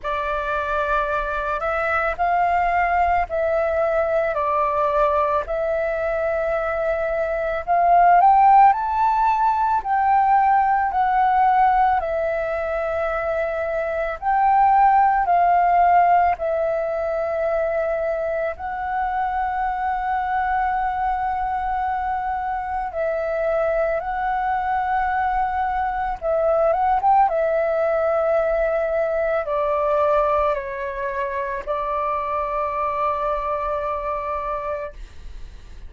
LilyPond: \new Staff \with { instrumentName = "flute" } { \time 4/4 \tempo 4 = 55 d''4. e''8 f''4 e''4 | d''4 e''2 f''8 g''8 | a''4 g''4 fis''4 e''4~ | e''4 g''4 f''4 e''4~ |
e''4 fis''2.~ | fis''4 e''4 fis''2 | e''8 fis''16 g''16 e''2 d''4 | cis''4 d''2. | }